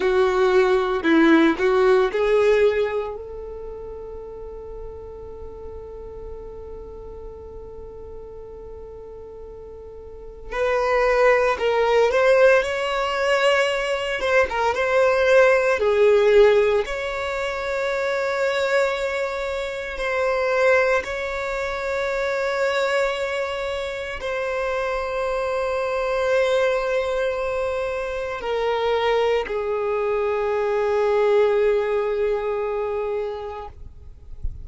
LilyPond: \new Staff \with { instrumentName = "violin" } { \time 4/4 \tempo 4 = 57 fis'4 e'8 fis'8 gis'4 a'4~ | a'1~ | a'2 b'4 ais'8 c''8 | cis''4. c''16 ais'16 c''4 gis'4 |
cis''2. c''4 | cis''2. c''4~ | c''2. ais'4 | gis'1 | }